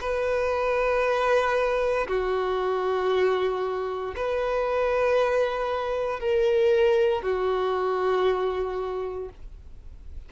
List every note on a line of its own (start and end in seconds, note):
0.00 2.07 B4
2.07 4.14 F#4
4.16 6.20 B4
6.20 7.22 A#4
7.22 9.29 F#4